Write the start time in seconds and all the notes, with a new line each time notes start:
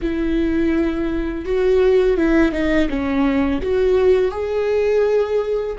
0.01 E4
1.45 F#4
2.17 E4
2.52 D#4
2.89 C#4
3.61 F#4
4.31 G#4